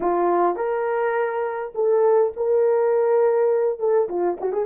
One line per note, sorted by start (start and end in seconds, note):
0.00 0.56 F4
0.56 1.72 A#4
1.74 2.32 A4
2.36 3.79 A#4
3.79 4.08 A4
4.09 4.38 F4
4.40 4.52 F#4
4.52 4.65 G#4